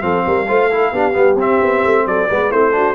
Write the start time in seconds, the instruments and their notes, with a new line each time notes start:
0.00 tuba F3, trombone C4, horn A4, trumpet F5
0.26 tuba G3, horn A#4
0.47 tuba A3, trombone F4, horn C5
0.70 trombone E4, horn A4
0.92 tuba B3, trombone D4, horn G4
1.12 tuba G3, trombone B3
1.35 tuba C4, trombone C4, trumpet E5
1.61 tuba B3
1.84 tuba A3
2.05 tuba F#3, horn A4, trumpet D5
2.28 tuba G#3, trombone B3, horn B4
2.51 tuba A3, trombone C4, horn E4, trumpet C5
2.72 trombone D4, horn F#4